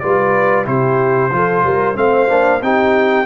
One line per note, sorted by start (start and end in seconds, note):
0.00 0.67 G3
0.00 0.65 F4
0.00 0.66 B4
0.00 0.65 D5
0.65 1.31 C3
0.65 1.30 E4
0.65 1.32 G4
0.65 1.97 C5
1.31 1.64 F3
1.31 1.95 F4
1.31 1.65 A4
1.64 1.97 G3
1.64 1.98 A#4
1.95 2.30 A3
1.95 2.28 C4
1.95 2.62 C5
1.95 2.63 F5
2.28 2.62 A#3
2.28 2.61 D4
2.62 3.26 C4
2.62 3.26 D#4
2.62 3.26 G4
2.62 3.26 G5